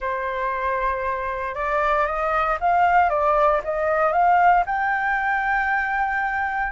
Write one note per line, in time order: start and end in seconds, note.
0.00 1.54 C5
1.54 2.06 D5
2.06 2.58 D#5
2.60 3.09 F5
3.09 3.61 D5
3.63 4.12 D#5
4.12 4.64 F5
4.66 6.72 G5